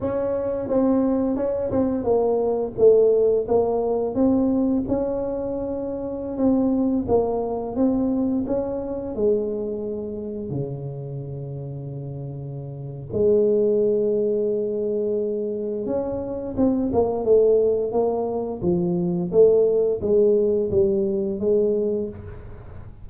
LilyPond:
\new Staff \with { instrumentName = "tuba" } { \time 4/4 \tempo 4 = 87 cis'4 c'4 cis'8 c'8 ais4 | a4 ais4 c'4 cis'4~ | cis'4~ cis'16 c'4 ais4 c'8.~ | c'16 cis'4 gis2 cis8.~ |
cis2. gis4~ | gis2. cis'4 | c'8 ais8 a4 ais4 f4 | a4 gis4 g4 gis4 | }